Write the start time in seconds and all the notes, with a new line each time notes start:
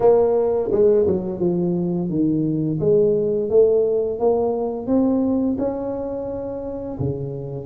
0.00 A#3
0.71 G#3
1.06 F#3
1.39 F3
2.09 D#3
2.79 G#3
3.49 A3
4.19 A#3
4.86 C4
5.58 C#4
6.99 C#3